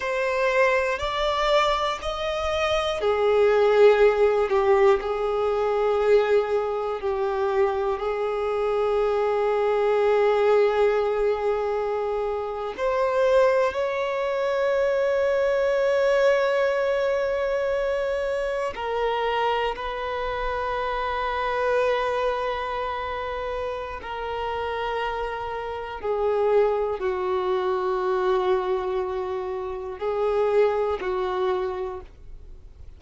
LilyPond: \new Staff \with { instrumentName = "violin" } { \time 4/4 \tempo 4 = 60 c''4 d''4 dis''4 gis'4~ | gis'8 g'8 gis'2 g'4 | gis'1~ | gis'8. c''4 cis''2~ cis''16~ |
cis''2~ cis''8. ais'4 b'16~ | b'1 | ais'2 gis'4 fis'4~ | fis'2 gis'4 fis'4 | }